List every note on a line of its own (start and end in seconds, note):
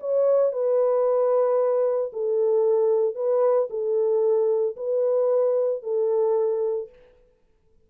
0.00 0.52 C#5
0.52 2.11 B4
2.13 3.15 A4
3.15 3.68 B4
3.70 4.76 A4
4.76 5.83 B4
5.83 6.89 A4